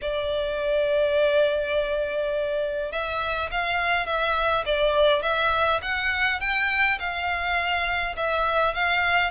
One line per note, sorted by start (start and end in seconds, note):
0.01 2.91 D5
2.91 3.50 E5
3.51 4.06 F5
4.06 4.64 E5
4.65 5.22 D5
5.22 5.80 E5
5.82 6.40 F#5
6.40 6.98 G5
6.99 8.15 F5
8.16 8.74 E5
8.74 9.30 F5